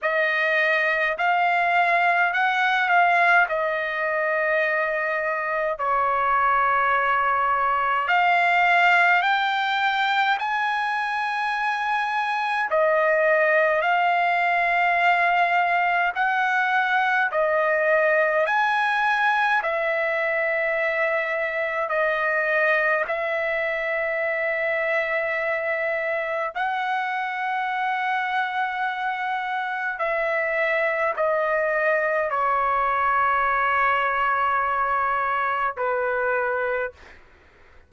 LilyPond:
\new Staff \with { instrumentName = "trumpet" } { \time 4/4 \tempo 4 = 52 dis''4 f''4 fis''8 f''8 dis''4~ | dis''4 cis''2 f''4 | g''4 gis''2 dis''4 | f''2 fis''4 dis''4 |
gis''4 e''2 dis''4 | e''2. fis''4~ | fis''2 e''4 dis''4 | cis''2. b'4 | }